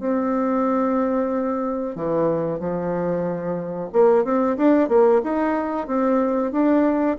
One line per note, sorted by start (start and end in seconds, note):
0.00 1.96 C4
1.96 2.60 E3
2.60 3.90 F3
3.92 4.24 A#3
4.24 4.57 C4
4.57 4.89 D4
4.89 5.21 A#3
5.24 5.87 D#4
5.87 6.52 C4
6.52 7.17 D4